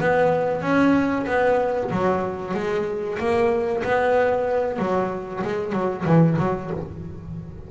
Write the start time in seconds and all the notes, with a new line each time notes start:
0.00 B3
0.62 C#4
1.27 B3
1.91 F#3
2.54 G#3
3.19 A#3
3.84 B3
4.79 F#3
5.44 G#3
5.73 F#3
6.05 E3
6.39 F#3